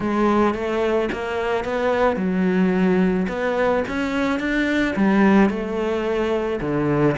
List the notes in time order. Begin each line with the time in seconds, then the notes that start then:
0.00 G#3
0.54 A3
1.12 A#3
1.64 B3
2.16 F#3
3.28 B3
3.88 C#4
4.39 D4
4.95 G3
5.49 A3
6.61 D3